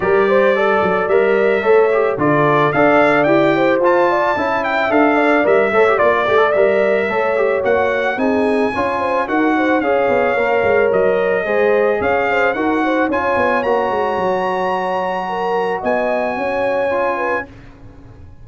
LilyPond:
<<
  \new Staff \with { instrumentName = "trumpet" } { \time 4/4 \tempo 4 = 110 d''2 e''2 | d''4 f''4 g''4 a''4~ | a''8 g''8 f''4 e''4 d''4 | e''2 fis''4 gis''4~ |
gis''4 fis''4 f''2 | dis''2 f''4 fis''4 | gis''4 ais''2.~ | ais''4 gis''2. | }
  \new Staff \with { instrumentName = "horn" } { \time 4/4 ais'8 c''8 d''2 cis''4 | a'4 d''4. c''4 d''8 | e''4. d''4 cis''8 d''4~ | d''4 cis''2 gis'4 |
cis''8 c''8 ais'8 c''8 cis''2~ | cis''4 c''4 cis''8 c''8 ais'8 c''8 | cis''1 | ais'4 dis''4 cis''4. b'8 | }
  \new Staff \with { instrumentName = "trombone" } { \time 4/4 g'4 a'4 ais'4 a'8 g'8 | f'4 a'4 g'4 f'4 | e'4 a'4 ais'8 a'16 g'16 f'8 g'16 a'16 | ais'4 a'8 g'8 fis'4 dis'4 |
f'4 fis'4 gis'4 ais'4~ | ais'4 gis'2 fis'4 | f'4 fis'2.~ | fis'2. f'4 | }
  \new Staff \with { instrumentName = "tuba" } { \time 4/4 g4. fis8 g4 a4 | d4 d'4 e'4 f'4 | cis'4 d'4 g8 a8 ais8 a8 | g4 a4 ais4 c'4 |
cis'4 dis'4 cis'8 b8 ais8 gis8 | fis4 gis4 cis'4 dis'4 | cis'8 b8 ais8 gis8 fis2~ | fis4 b4 cis'2 | }
>>